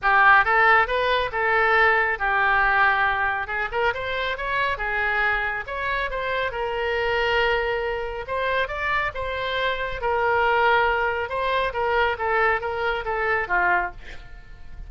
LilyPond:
\new Staff \with { instrumentName = "oboe" } { \time 4/4 \tempo 4 = 138 g'4 a'4 b'4 a'4~ | a'4 g'2. | gis'8 ais'8 c''4 cis''4 gis'4~ | gis'4 cis''4 c''4 ais'4~ |
ais'2. c''4 | d''4 c''2 ais'4~ | ais'2 c''4 ais'4 | a'4 ais'4 a'4 f'4 | }